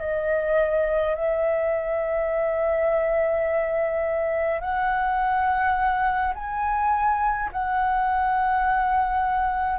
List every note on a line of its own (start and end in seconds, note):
0.00 1.15 D#5
1.15 4.60 E5
4.60 6.34 F#5
6.35 7.50 G#5
7.52 9.79 F#5